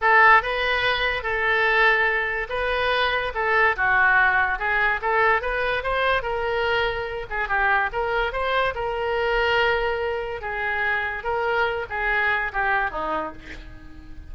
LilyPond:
\new Staff \with { instrumentName = "oboe" } { \time 4/4 \tempo 4 = 144 a'4 b'2 a'4~ | a'2 b'2 | a'4 fis'2 gis'4 | a'4 b'4 c''4 ais'4~ |
ais'4. gis'8 g'4 ais'4 | c''4 ais'2.~ | ais'4 gis'2 ais'4~ | ais'8 gis'4. g'4 dis'4 | }